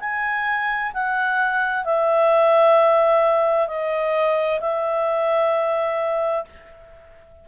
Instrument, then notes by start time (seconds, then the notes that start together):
clarinet
0.00 G#5
0.94 F#5
1.85 E5
3.68 D#5
4.60 E5